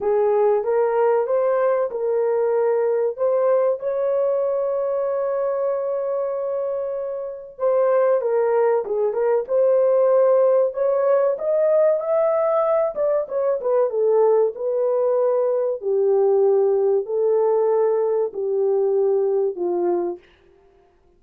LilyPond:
\new Staff \with { instrumentName = "horn" } { \time 4/4 \tempo 4 = 95 gis'4 ais'4 c''4 ais'4~ | ais'4 c''4 cis''2~ | cis''1 | c''4 ais'4 gis'8 ais'8 c''4~ |
c''4 cis''4 dis''4 e''4~ | e''8 d''8 cis''8 b'8 a'4 b'4~ | b'4 g'2 a'4~ | a'4 g'2 f'4 | }